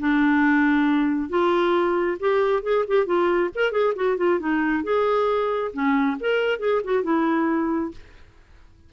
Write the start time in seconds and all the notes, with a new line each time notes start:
0.00 D4
1.30 F4
2.20 G4
2.63 G#4
2.88 G4
3.06 F4
3.55 A#4
3.72 G#4
3.96 F#4
4.18 F4
4.40 D#4
4.84 G#4
5.73 C#4
6.20 A#4
6.60 G#4
6.84 F#4
7.04 E4